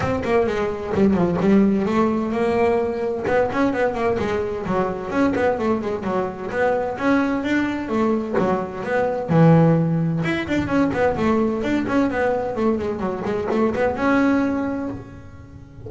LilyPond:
\new Staff \with { instrumentName = "double bass" } { \time 4/4 \tempo 4 = 129 c'8 ais8 gis4 g8 f8 g4 | a4 ais2 b8 cis'8 | b8 ais8 gis4 fis4 cis'8 b8 | a8 gis8 fis4 b4 cis'4 |
d'4 a4 fis4 b4 | e2 e'8 d'8 cis'8 b8 | a4 d'8 cis'8 b4 a8 gis8 | fis8 gis8 a8 b8 cis'2 | }